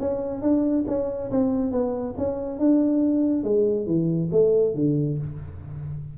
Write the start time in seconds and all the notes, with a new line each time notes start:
0.00 C#4
0.42 D4
0.88 C#4
1.31 C4
1.72 B3
2.18 C#4
2.59 D4
3.44 G#3
3.87 E3
4.32 A3
4.75 D3